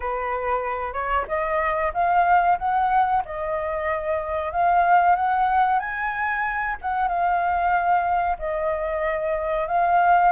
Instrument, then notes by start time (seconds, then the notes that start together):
flute
0.00 B4
0.93 C#5
1.28 D#5
1.93 F5
2.58 F#5
3.25 D#5
4.52 F5
5.15 F#5
5.79 G#5
6.81 F#5
7.08 F5
8.39 D#5
9.67 F5